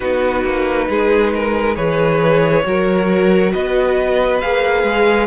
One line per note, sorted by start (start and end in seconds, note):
0.00 0.44 B3
0.00 1.75 D#4
0.00 0.88 F#4
0.00 1.75 B4
0.44 0.88 A#3
0.89 1.76 G#3
0.89 1.33 G#4
1.34 1.76 A#4
1.75 2.65 E3
1.75 2.63 G#4
1.75 2.64 B4
1.75 3.52 C#5
2.64 3.53 F#3
2.64 4.40 F#4
2.64 3.52 A#4
3.52 4.43 B3
3.52 5.26 B4
3.52 4.40 D#5
4.40 4.83 A#3
4.40 5.26 G#4
4.40 5.26 F5
4.83 5.26 G#3